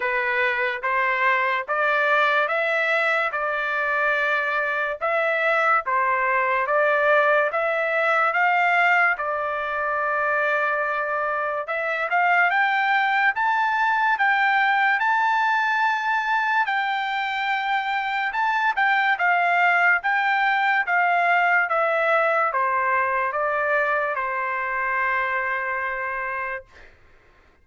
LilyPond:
\new Staff \with { instrumentName = "trumpet" } { \time 4/4 \tempo 4 = 72 b'4 c''4 d''4 e''4 | d''2 e''4 c''4 | d''4 e''4 f''4 d''4~ | d''2 e''8 f''8 g''4 |
a''4 g''4 a''2 | g''2 a''8 g''8 f''4 | g''4 f''4 e''4 c''4 | d''4 c''2. | }